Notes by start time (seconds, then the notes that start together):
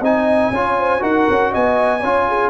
0.00 C4 D#4 D#5 G#5
0.51 C#4 F4 C#5
0.79 C5
1.00 D#4 F#4 A#4 F#5
1.30 C#4
1.51 B3 D#5 G#5
2.01 C#4 F4 C#5
2.29 G#4